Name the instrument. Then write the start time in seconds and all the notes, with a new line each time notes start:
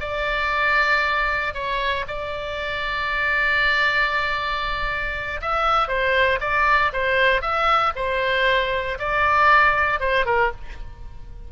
oboe
0.00 D5
1.54 C#5
2.07 D5
5.41 E5
5.88 C5
6.40 D5
6.93 C5
7.41 E5
7.96 C5
8.99 D5
10.00 C5
10.25 A#4